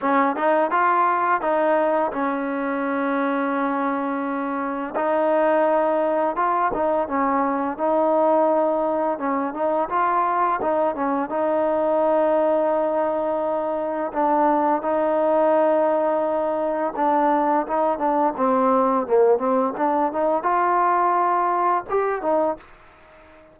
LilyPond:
\new Staff \with { instrumentName = "trombone" } { \time 4/4 \tempo 4 = 85 cis'8 dis'8 f'4 dis'4 cis'4~ | cis'2. dis'4~ | dis'4 f'8 dis'8 cis'4 dis'4~ | dis'4 cis'8 dis'8 f'4 dis'8 cis'8 |
dis'1 | d'4 dis'2. | d'4 dis'8 d'8 c'4 ais8 c'8 | d'8 dis'8 f'2 g'8 dis'8 | }